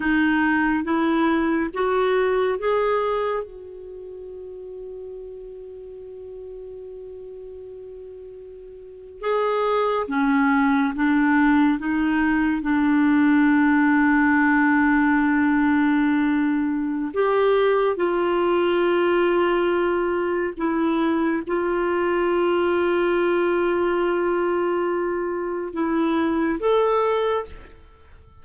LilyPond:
\new Staff \with { instrumentName = "clarinet" } { \time 4/4 \tempo 4 = 70 dis'4 e'4 fis'4 gis'4 | fis'1~ | fis'2~ fis'8. gis'4 cis'16~ | cis'8. d'4 dis'4 d'4~ d'16~ |
d'1 | g'4 f'2. | e'4 f'2.~ | f'2 e'4 a'4 | }